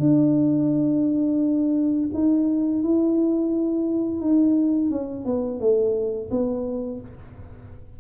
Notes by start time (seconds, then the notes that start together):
0.00 D4
2.14 D#4
2.83 E4
4.21 D#4
4.90 C#4
5.25 B3
5.60 A3
6.30 B3